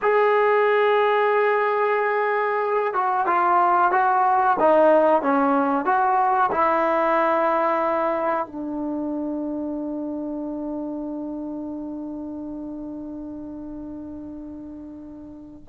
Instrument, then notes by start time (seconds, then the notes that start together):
trombone
0.02 G#4
2.93 F#4
3.26 F4
3.91 F#4
4.59 D#4
5.22 C#4
5.85 F#4
6.51 E4
8.46 D4